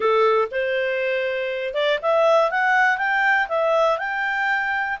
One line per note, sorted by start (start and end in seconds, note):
0.00 0.48 A4
0.51 1.74 C5
1.74 1.99 D5
2.02 2.50 E5
2.50 2.97 F#5
2.97 3.47 G5
3.48 3.98 E5
3.98 4.98 G5